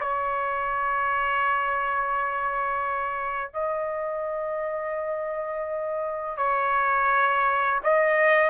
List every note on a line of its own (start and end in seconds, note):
0.00 3.53 C#5
3.53 6.37 D#5
6.37 7.80 C#5
7.83 8.50 D#5